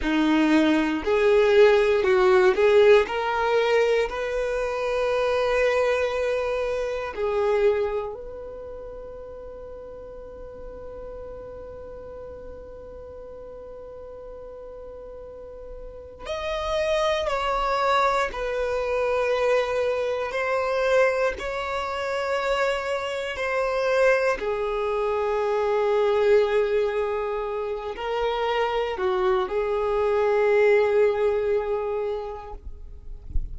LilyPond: \new Staff \with { instrumentName = "violin" } { \time 4/4 \tempo 4 = 59 dis'4 gis'4 fis'8 gis'8 ais'4 | b'2. gis'4 | b'1~ | b'1 |
dis''4 cis''4 b'2 | c''4 cis''2 c''4 | gis'2.~ gis'8 ais'8~ | ais'8 fis'8 gis'2. | }